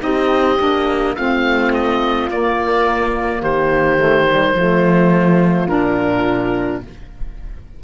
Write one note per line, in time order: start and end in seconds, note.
0.00 0.60 C4
0.00 0.57 D#4
0.00 1.17 G4
0.00 1.16 D#5
0.59 1.17 A#3
0.59 1.16 D4
1.16 2.30 A3
1.16 2.31 C4
1.16 3.42 F4
1.16 1.73 F5
1.74 2.31 D#5
2.30 3.43 A#3
2.30 3.99 A#3
2.30 3.43 D5
3.42 4.55 D#3
3.42 4.55 G4
3.42 5.69 C5
3.99 4.27 A3
4.28 4.56 G3
4.55 5.68 F3
4.55 5.69 A3
4.55 6.84 F4
5.69 6.84 A#2
5.69 6.82 D4
5.69 6.82 A#4